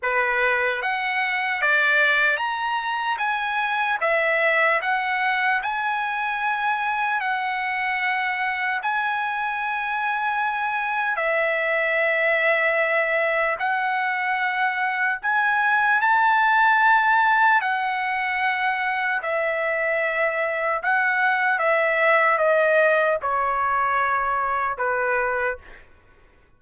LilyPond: \new Staff \with { instrumentName = "trumpet" } { \time 4/4 \tempo 4 = 75 b'4 fis''4 d''4 ais''4 | gis''4 e''4 fis''4 gis''4~ | gis''4 fis''2 gis''4~ | gis''2 e''2~ |
e''4 fis''2 gis''4 | a''2 fis''2 | e''2 fis''4 e''4 | dis''4 cis''2 b'4 | }